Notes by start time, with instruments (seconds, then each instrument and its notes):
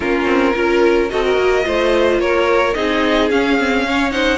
0.00 cello A#3, viola C#4, violin F4 A#4
0.25 cello C4
0.54 cello C#4, viola F4, violin A#4
1.09 cello C4, viola F#4, violin A4 D#5
1.24 violin A#4
1.36 cello A#3
1.63 cello A3, viola F4, violin C5
2.19 cello A#3, violin A#4 C#5
2.74 cello C4, viola D#4, violin G#4 D#5
3.30 viola C#4, cello C#4, violin F5
3.58 viola C4
3.87 viola C#4, violin C#5
4.10 viola D#4, violin C5 F#5